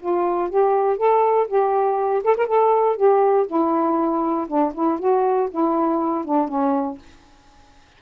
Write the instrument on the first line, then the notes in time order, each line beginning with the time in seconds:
saxophone
0.00 F4
0.50 G4
0.97 A4
1.48 G4
2.24 A4
2.37 A#4
2.47 A4
2.96 G4
3.47 E4
4.48 D4
4.74 E4
4.99 F#4
5.51 E4
6.25 D4
6.48 C#4